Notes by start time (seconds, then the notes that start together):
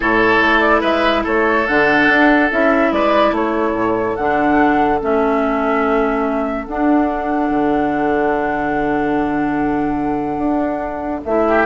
0.00 A2 E4 A4 C#5
0.40 A3
0.60 D5
0.80 G#3 B4 E5
1.24 A3 A4 C#5
1.67 D3 D4 F#5
2.08 D4
2.50 C#4 E4 E5
2.92 G#3 B4 D5
3.31 A3 A4 C#5
3.72 A2
4.16 D3 D4 F#5
5.00 A3 C#4 E5
6.64 D4 F#5
7.49 D3
10.37 D4
11.25 A3 E4 E5
11.47 G4